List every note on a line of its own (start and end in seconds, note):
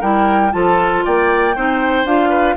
0.00 0.53 G3
0.00 0.51 E4
0.00 0.51 A#4
0.00 0.52 G5
0.51 1.05 F3
0.51 1.54 F4
0.51 1.05 A4
0.51 1.04 A5
1.05 1.56 A#3
1.05 1.56 D5
1.05 2.06 G5
1.56 2.05 C4
1.56 2.06 D#4
1.56 2.29 C5
2.05 2.56 D4
2.05 2.57 F4
2.05 2.57 F5
2.29 2.55 B4